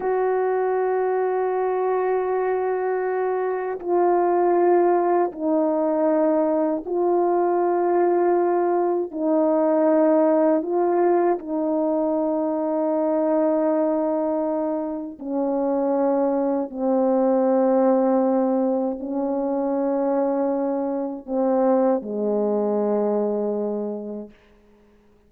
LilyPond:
\new Staff \with { instrumentName = "horn" } { \time 4/4 \tempo 4 = 79 fis'1~ | fis'4 f'2 dis'4~ | dis'4 f'2. | dis'2 f'4 dis'4~ |
dis'1 | cis'2 c'2~ | c'4 cis'2. | c'4 gis2. | }